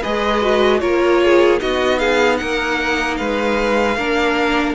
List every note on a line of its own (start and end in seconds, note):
0.00 0.82 G#3
0.00 0.42 G#4
0.00 0.79 B4
0.00 0.80 D#5
0.42 0.81 F#4
0.80 1.61 A#3
0.80 1.59 F4
0.80 1.21 A#4
0.80 1.59 C#5
1.24 1.62 G#4
1.59 2.41 B3
1.59 3.96 D#4
1.59 1.99 F#4
1.59 1.99 D#5
1.99 2.39 G#4
1.99 2.37 F5
2.37 3.20 A#3
2.37 3.18 A#4
2.37 3.16 F#5
3.17 3.97 G#3
3.17 3.97 B4
3.17 4.75 F5
3.97 4.75 A#3
3.97 4.75 D4
3.97 4.75 A#4